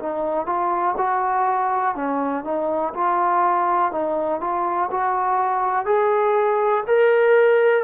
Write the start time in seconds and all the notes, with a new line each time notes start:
0.00 D#4
0.46 F4
0.97 F#4
1.96 C#4
2.45 D#4
2.95 F4
3.92 D#4
4.41 F4
4.91 F#4
5.86 G#4
6.87 A#4